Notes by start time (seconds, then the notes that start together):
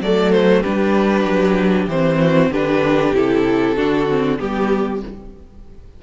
0.00 F#3 A3 A4 D5
0.31 C5
0.60 G3 D4 G4 B4
1.24 F#3
1.87 E3 C4 C5
2.19 F#4
2.50 D3 D4 G4 B4
3.14 C3 E4 A4
3.76 D3 D4 F#4
4.09 C4
4.38 G3 B3 G4